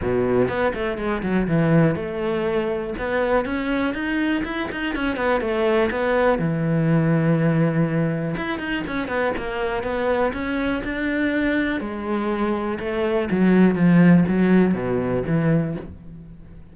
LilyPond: \new Staff \with { instrumentName = "cello" } { \time 4/4 \tempo 4 = 122 b,4 b8 a8 gis8 fis8 e4 | a2 b4 cis'4 | dis'4 e'8 dis'8 cis'8 b8 a4 | b4 e2.~ |
e4 e'8 dis'8 cis'8 b8 ais4 | b4 cis'4 d'2 | gis2 a4 fis4 | f4 fis4 b,4 e4 | }